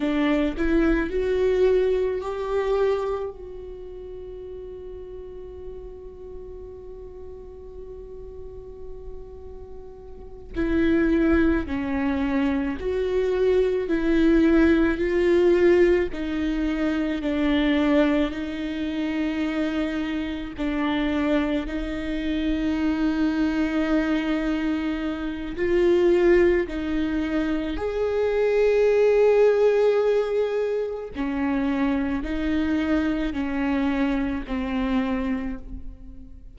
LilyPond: \new Staff \with { instrumentName = "viola" } { \time 4/4 \tempo 4 = 54 d'8 e'8 fis'4 g'4 fis'4~ | fis'1~ | fis'4. e'4 cis'4 fis'8~ | fis'8 e'4 f'4 dis'4 d'8~ |
d'8 dis'2 d'4 dis'8~ | dis'2. f'4 | dis'4 gis'2. | cis'4 dis'4 cis'4 c'4 | }